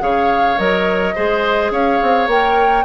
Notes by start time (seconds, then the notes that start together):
0.00 C#3 G#4 C#5 F5
0.58 F#3 A#4 D#5
1.15 G#3 G#4 C5
1.71 C#4 C#5 F5
2.02 C4
2.27 A#3 A#4 G5